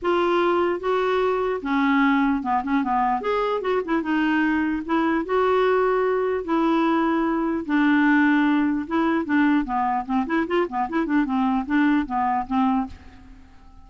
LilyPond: \new Staff \with { instrumentName = "clarinet" } { \time 4/4 \tempo 4 = 149 f'2 fis'2 | cis'2 b8 cis'8 b4 | gis'4 fis'8 e'8 dis'2 | e'4 fis'2. |
e'2. d'4~ | d'2 e'4 d'4 | b4 c'8 e'8 f'8 b8 e'8 d'8 | c'4 d'4 b4 c'4 | }